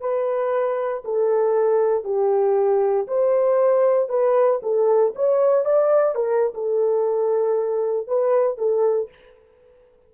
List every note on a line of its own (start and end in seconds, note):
0.00 1.03 B4
1.04 2.04 A4
2.04 3.07 G4
3.07 4.09 C5
4.09 4.60 B4
4.62 5.14 A4
5.15 5.65 C#5
5.65 6.15 D5
6.15 6.53 A#4
6.54 8.07 A4
8.07 8.58 B4
8.58 9.09 A4